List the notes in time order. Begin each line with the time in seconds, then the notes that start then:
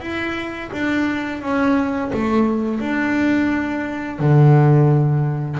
0.00 E4
0.72 D4
1.41 C#4
2.13 A3
2.80 D4
4.19 D3